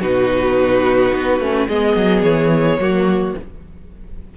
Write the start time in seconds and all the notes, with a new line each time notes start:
0.00 B2 D#4 F#4 B4
1.12 B3
1.40 A3 C#4
1.68 G#3 B3 G#4 D#5
1.96 F#3
2.22 E3 C#5
2.78 F#3 A#3 F#4